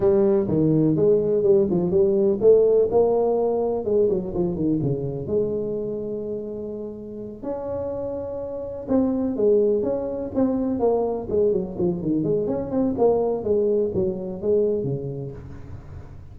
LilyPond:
\new Staff \with { instrumentName = "tuba" } { \time 4/4 \tempo 4 = 125 g4 dis4 gis4 g8 f8 | g4 a4 ais2 | gis8 fis8 f8 dis8 cis4 gis4~ | gis2.~ gis8 cis'8~ |
cis'2~ cis'8 c'4 gis8~ | gis8 cis'4 c'4 ais4 gis8 | fis8 f8 dis8 gis8 cis'8 c'8 ais4 | gis4 fis4 gis4 cis4 | }